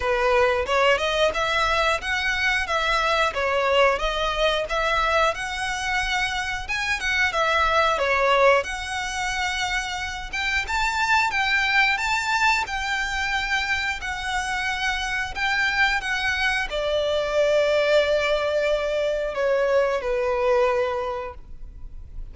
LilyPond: \new Staff \with { instrumentName = "violin" } { \time 4/4 \tempo 4 = 90 b'4 cis''8 dis''8 e''4 fis''4 | e''4 cis''4 dis''4 e''4 | fis''2 gis''8 fis''8 e''4 | cis''4 fis''2~ fis''8 g''8 |
a''4 g''4 a''4 g''4~ | g''4 fis''2 g''4 | fis''4 d''2.~ | d''4 cis''4 b'2 | }